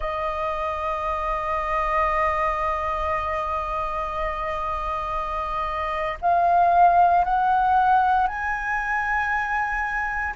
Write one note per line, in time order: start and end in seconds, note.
0.00 6.17 D#5
6.21 7.24 F5
7.24 8.27 F#5
8.27 10.34 G#5